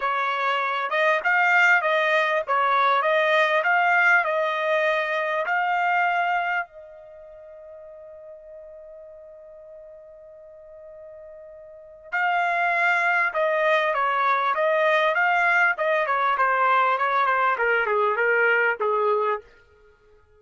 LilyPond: \new Staff \with { instrumentName = "trumpet" } { \time 4/4 \tempo 4 = 99 cis''4. dis''8 f''4 dis''4 | cis''4 dis''4 f''4 dis''4~ | dis''4 f''2 dis''4~ | dis''1~ |
dis''1 | f''2 dis''4 cis''4 | dis''4 f''4 dis''8 cis''8 c''4 | cis''8 c''8 ais'8 gis'8 ais'4 gis'4 | }